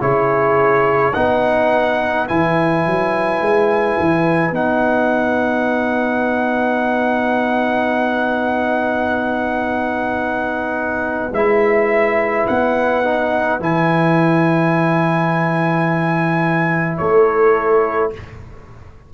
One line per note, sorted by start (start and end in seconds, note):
0.00 1.15 C#3
0.00 1.13 E4
0.00 1.15 G#4
0.00 1.14 C#5
1.14 2.29 B3
1.14 2.28 D#4
1.14 16.99 B4
1.14 2.27 F#5
2.28 2.86 E3
2.28 4.53 E4
2.28 4.55 G#5
2.86 3.41 F#3
3.41 3.97 G#3
4.00 4.51 E3
4.51 11.30 B3
4.51 11.32 D#4
4.51 11.34 F#5
11.32 12.45 G#3
11.32 13.04 E4
11.32 12.47 E5
12.47 13.60 B3
12.47 13.61 F#5
13.04 13.60 D#4
13.60 17.00 E3
13.60 18.13 E4
13.60 16.97 G#5
16.97 18.14 A3
16.97 18.12 A4
16.97 18.11 C#5